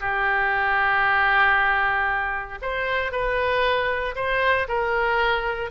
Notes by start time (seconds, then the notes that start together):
0.00 G4
2.62 C5
3.12 B4
4.15 C5
4.68 A#4